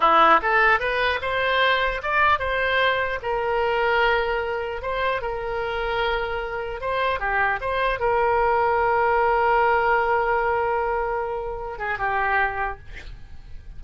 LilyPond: \new Staff \with { instrumentName = "oboe" } { \time 4/4 \tempo 4 = 150 e'4 a'4 b'4 c''4~ | c''4 d''4 c''2 | ais'1 | c''4 ais'2.~ |
ais'4 c''4 g'4 c''4 | ais'1~ | ais'1~ | ais'4. gis'8 g'2 | }